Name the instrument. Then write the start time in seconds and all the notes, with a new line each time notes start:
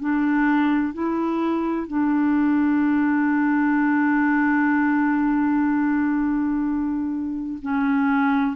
clarinet
0.00 D4
0.94 E4
1.87 D4
7.62 C#4